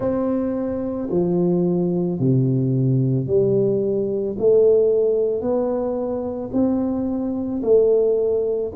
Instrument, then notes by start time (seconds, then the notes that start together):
tuba
0.00 C4
1.10 F3
2.19 C3
3.26 G3
4.38 A3
5.40 B3
6.52 C4
7.63 A3